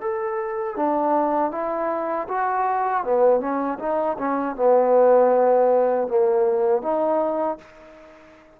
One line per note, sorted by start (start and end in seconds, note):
0.00 0.76 A4
0.76 1.51 D4
1.51 2.27 E4
2.28 3.03 F#4
3.03 3.40 B3
3.40 3.78 C#4
3.79 4.17 D#4
4.18 4.56 C#4
4.56 6.08 B3
6.08 6.82 A#3
6.82 7.58 D#4